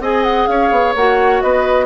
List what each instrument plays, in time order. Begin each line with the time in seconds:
0.00 bassoon C4, clarinet G#4, oboe D#5, flute G#5
0.23 flute F#5
0.47 bassoon C#4, oboe C#5, flute F5
0.71 bassoon B3
0.95 bassoon A#3, clarinet F#4, flute F#5
1.42 bassoon B3, oboe B4, flute D#5